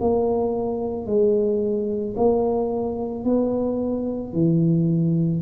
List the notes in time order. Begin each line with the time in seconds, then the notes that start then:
0.00 A#3
1.06 G#3
2.17 A#3
3.24 B3
4.33 E3